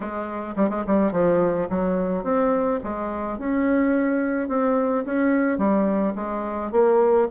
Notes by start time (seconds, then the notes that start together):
0.00 G#3
0.56 G3
0.69 G#3
0.86 G3
1.12 F3
1.69 F#3
2.23 C4
2.83 G#3
3.38 C#4
4.48 C4
5.05 C#4
5.58 G3
6.15 G#3
6.71 A#3